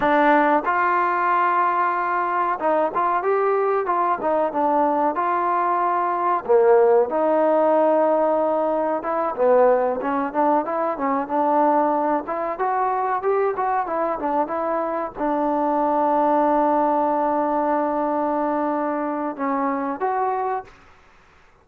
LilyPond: \new Staff \with { instrumentName = "trombone" } { \time 4/4 \tempo 4 = 93 d'4 f'2. | dis'8 f'8 g'4 f'8 dis'8 d'4 | f'2 ais4 dis'4~ | dis'2 e'8 b4 cis'8 |
d'8 e'8 cis'8 d'4. e'8 fis'8~ | fis'8 g'8 fis'8 e'8 d'8 e'4 d'8~ | d'1~ | d'2 cis'4 fis'4 | }